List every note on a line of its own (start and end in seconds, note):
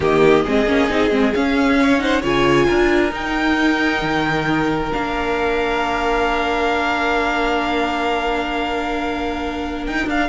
0.00 0.45 D#3
0.00 0.45 A#3
0.00 0.44 G4
0.00 1.33 D#5
0.44 0.66 G#3
0.44 0.67 C4
0.44 1.78 G#4
0.66 0.88 A#3
0.66 0.89 C#4
0.89 1.11 C4
0.89 1.10 D#4
1.10 1.33 G#3
1.10 1.32 C4
1.33 1.98 C#4
1.33 2.23 C#4
1.33 1.99 F5
1.80 2.02 C#5
1.98 2.21 D#4
1.98 2.21 C5
1.98 2.21 F#5
2.21 2.68 C#3
2.21 3.10 F4
2.21 2.66 C#5
2.21 3.14 G#5
2.67 3.12 D4
2.67 10.28 A#4
3.10 4.89 D#4
3.10 4.01 D#4
3.10 4.92 G5
4.02 4.91 D#3
4.92 9.87 A#3
4.92 10.29 D4
4.92 9.84 F5
9.86 10.06 D#4
9.86 10.08 G5
10.06 10.28 D4
10.06 10.29 F5